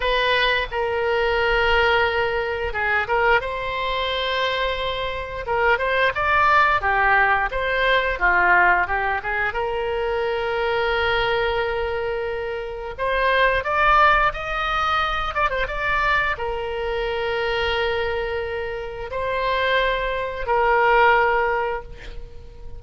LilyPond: \new Staff \with { instrumentName = "oboe" } { \time 4/4 \tempo 4 = 88 b'4 ais'2. | gis'8 ais'8 c''2. | ais'8 c''8 d''4 g'4 c''4 | f'4 g'8 gis'8 ais'2~ |
ais'2. c''4 | d''4 dis''4. d''16 c''16 d''4 | ais'1 | c''2 ais'2 | }